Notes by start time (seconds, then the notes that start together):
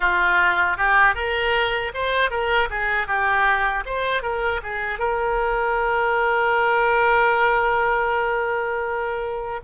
0.00 F4
0.77 G4
1.15 A#4
1.94 C5
2.30 A#4
2.70 G#4
3.07 G4
3.85 C5
4.22 A#4
4.63 G#4
4.99 A#4